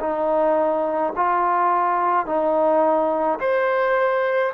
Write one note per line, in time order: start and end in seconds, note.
0.00 1.13 D#4
1.16 2.26 F4
2.26 3.40 D#4
3.40 4.53 C5